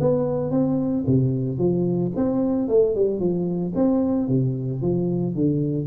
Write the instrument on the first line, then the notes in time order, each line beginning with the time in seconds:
tuba
0.00 B3
0.50 C4
1.06 C3
1.57 F3
2.16 C4
2.68 A3
2.95 G3
3.19 F3
3.75 C4
4.28 C3
4.81 F3
5.34 D3